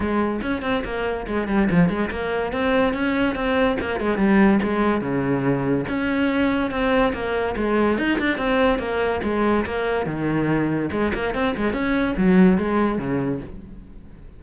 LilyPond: \new Staff \with { instrumentName = "cello" } { \time 4/4 \tempo 4 = 143 gis4 cis'8 c'8 ais4 gis8 g8 | f8 gis8 ais4 c'4 cis'4 | c'4 ais8 gis8 g4 gis4 | cis2 cis'2 |
c'4 ais4 gis4 dis'8 d'8 | c'4 ais4 gis4 ais4 | dis2 gis8 ais8 c'8 gis8 | cis'4 fis4 gis4 cis4 | }